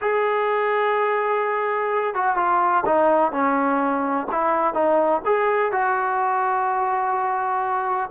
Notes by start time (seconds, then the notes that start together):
0.01 G#4
2.14 F#4
2.36 F4
2.85 D#4
3.32 C#4
4.31 E4
4.73 D#4
5.25 G#4
5.71 F#4